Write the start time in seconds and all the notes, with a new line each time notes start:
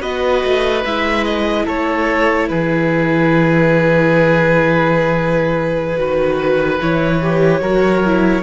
0.00 B3 F#4 B4 D#5
0.43 A3
0.85 G#3 E4 E5
1.24 D#5
1.65 A3 A4 C#5
2.48 E3 G#4 B4
5.96 D#3 F#4 B4
6.80 E3 E4 C#5
7.22 G4
7.61 F#3 F#4 A#4
8.05 E4